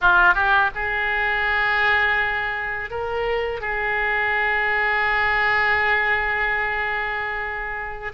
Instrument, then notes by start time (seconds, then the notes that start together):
oboe
0.01 F4
0.34 G4
0.75 G#4
2.90 A#4
3.60 G#4